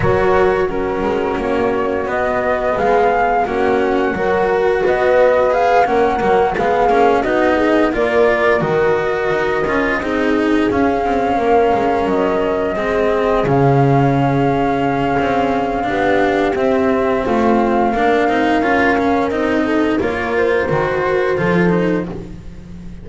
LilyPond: <<
  \new Staff \with { instrumentName = "flute" } { \time 4/4 \tempo 4 = 87 cis''4 ais'4 cis''4 dis''4 | f''4 fis''2 dis''4 | f''8 fis''4 f''4 dis''4 d''8~ | d''8 dis''2. f''8~ |
f''4. dis''2 f''8~ | f''1 | e''4 f''2. | dis''4 cis''8 c''2~ c''8 | }
  \new Staff \with { instrumentName = "horn" } { \time 4/4 ais'4 fis'2. | gis'4 fis'4 ais'4 b'4~ | b'8 ais'4 gis'4 fis'8 gis'8 ais'8~ | ais'2~ ais'8 gis'4.~ |
gis'8 ais'2 gis'4.~ | gis'2. g'4~ | g'4 f'4 ais'2~ | ais'8 a'8 ais'2 a'4 | }
  \new Staff \with { instrumentName = "cello" } { \time 4/4 fis'4 cis'2 b4~ | b4 cis'4 fis'2 | gis'8 cis'8 ais8 b8 cis'8 dis'4 f'8~ | f'8 fis'4. f'8 dis'4 cis'8~ |
cis'2~ cis'8 c'4 cis'8~ | cis'2. d'4 | c'2 d'8 dis'8 f'8 cis'8 | dis'4 f'4 fis'4 f'8 dis'8 | }
  \new Staff \with { instrumentName = "double bass" } { \time 4/4 fis4. gis8 ais4 b4 | gis4 ais4 fis4 b4~ | b8 ais8 fis8 gis8 ais8 b4 ais8~ | ais8 dis4 dis'8 cis'8 c'4 cis'8 |
c'8 ais8 gis8 fis4 gis4 cis8~ | cis2 c'4 b4 | c'4 a4 ais8 c'8 cis'4 | c'4 ais4 dis4 f4 | }
>>